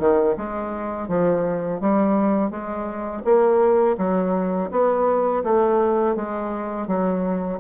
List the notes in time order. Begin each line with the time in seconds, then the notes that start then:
0.00 D#3
0.37 G#3
1.08 F3
1.81 G3
2.51 G#3
3.25 A#3
3.98 F#3
4.72 B3
5.44 A3
6.16 G#3
6.88 F#3